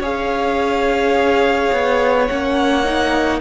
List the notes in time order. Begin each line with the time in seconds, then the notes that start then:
0.00 C#4 G#4 C#5 F5
1.72 B3
2.26 A#3 C#4 F#5
2.84 D#4